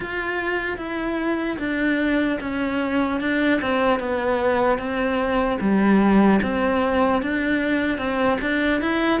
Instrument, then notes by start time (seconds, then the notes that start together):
cello
0.00 F4
0.77 E4
1.58 D4
2.40 C#4
3.20 D4
3.61 C4
3.99 B3
4.78 C4
5.60 G3
6.42 C4
7.22 D4
7.98 C4
8.41 D4
8.81 E4